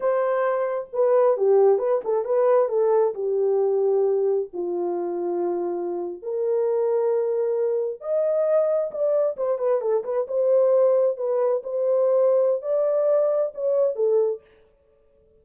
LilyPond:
\new Staff \with { instrumentName = "horn" } { \time 4/4 \tempo 4 = 133 c''2 b'4 g'4 | b'8 a'8 b'4 a'4 g'4~ | g'2 f'2~ | f'4.~ f'16 ais'2~ ais'16~ |
ais'4.~ ais'16 dis''2 d''16~ | d''8. c''8 b'8 a'8 b'8 c''4~ c''16~ | c''8. b'4 c''2~ c''16 | d''2 cis''4 a'4 | }